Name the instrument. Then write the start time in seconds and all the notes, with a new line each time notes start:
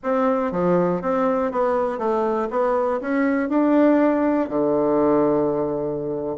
bassoon
0.03 C4
0.51 F3
1.01 C4
1.51 B3
1.98 A3
2.50 B3
3.00 C#4
3.49 D4
4.49 D3